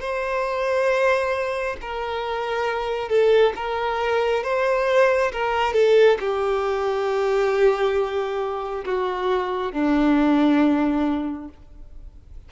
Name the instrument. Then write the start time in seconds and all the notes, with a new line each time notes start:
violin
0.00 C5
1.81 A#4
3.08 A4
3.55 A#4
4.43 C5
5.32 A#4
5.73 A4
6.19 G4
8.85 F#4
9.72 D4